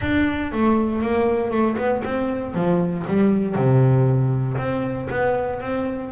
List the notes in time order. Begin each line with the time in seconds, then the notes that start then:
0.01 D4
0.52 A3
1.01 A#3
1.50 A3
1.77 B3
2.04 C4
2.54 F3
3.07 G3
3.55 C3
4.57 C4
5.10 B3
5.60 C4